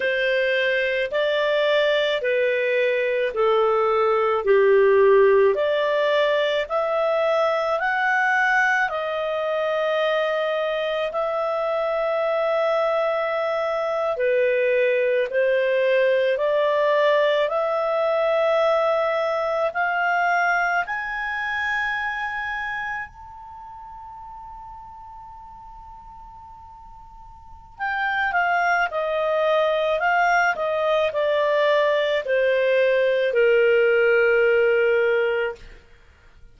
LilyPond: \new Staff \with { instrumentName = "clarinet" } { \time 4/4 \tempo 4 = 54 c''4 d''4 b'4 a'4 | g'4 d''4 e''4 fis''4 | dis''2 e''2~ | e''8. b'4 c''4 d''4 e''16~ |
e''4.~ e''16 f''4 gis''4~ gis''16~ | gis''8. a''2.~ a''16~ | a''4 g''8 f''8 dis''4 f''8 dis''8 | d''4 c''4 ais'2 | }